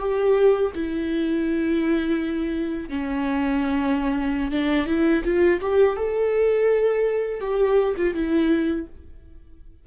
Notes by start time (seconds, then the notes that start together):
0.00 G4
0.75 E4
2.90 C#4
4.52 D4
4.87 E4
5.25 F4
5.62 G4
5.97 A4
7.41 G4
7.97 F4
8.15 E4